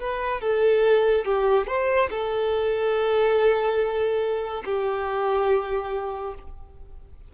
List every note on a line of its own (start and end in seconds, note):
0.00 0.41 B4
0.41 1.25 A4
1.25 1.67 G4
1.67 2.09 C5
2.10 4.64 A4
4.65 6.34 G4